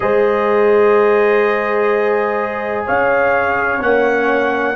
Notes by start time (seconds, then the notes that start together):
0.00 G#3 G#4 C5 D#5
2.86 C#4 C#5 F5
3.79 A#3 C#4 F#5